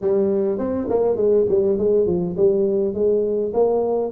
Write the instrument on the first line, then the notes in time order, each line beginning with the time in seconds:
tuba
0.01 G3
0.58 C4
0.89 A#3
1.16 G#3
1.48 G3
1.78 G#3
2.06 F3
2.36 G3
2.94 G#3
3.53 A#3